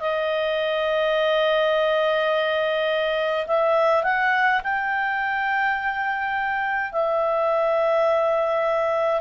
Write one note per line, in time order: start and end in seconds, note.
0.00 3.46 D#5
3.47 4.03 E5
4.03 4.61 F#5
4.63 6.92 G5
6.92 9.20 E5